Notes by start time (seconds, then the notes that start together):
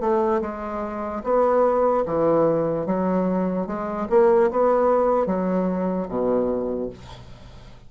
0.00 A3
0.41 G#3
1.23 B3
2.05 E3
2.86 F#3
3.66 G#3
4.09 A#3
4.50 B3
5.26 F#3
6.08 B2